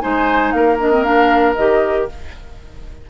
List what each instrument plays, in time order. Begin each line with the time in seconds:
0.00 bassoon G#3, clarinet D#4, oboe C5, flute G#5
0.51 bassoon A#3, oboe A#4, flute F5
0.79 clarinet D4, flute D#5
0.91 clarinet C4
1.03 clarinet D4, flute F5
1.54 bassoon D#3, clarinet G4, flute D#5